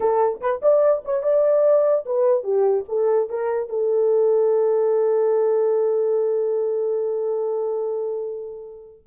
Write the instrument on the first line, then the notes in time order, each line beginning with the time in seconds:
horn
0.00 A4
0.40 B4
0.62 D5
1.04 C#5
1.22 D5
2.05 B4
2.43 G4
2.88 A4
3.29 A#4
3.69 A4